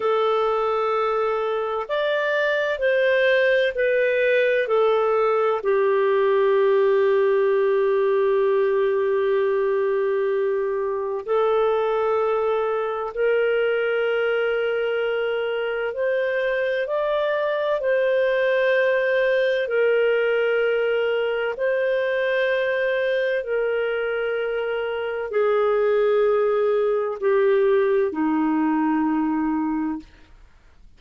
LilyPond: \new Staff \with { instrumentName = "clarinet" } { \time 4/4 \tempo 4 = 64 a'2 d''4 c''4 | b'4 a'4 g'2~ | g'1 | a'2 ais'2~ |
ais'4 c''4 d''4 c''4~ | c''4 ais'2 c''4~ | c''4 ais'2 gis'4~ | gis'4 g'4 dis'2 | }